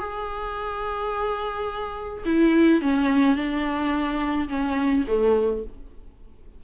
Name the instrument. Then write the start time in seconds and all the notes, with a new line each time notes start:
viola
0.00 G#4
2.26 E4
2.82 C#4
3.36 D4
4.49 C#4
5.08 A3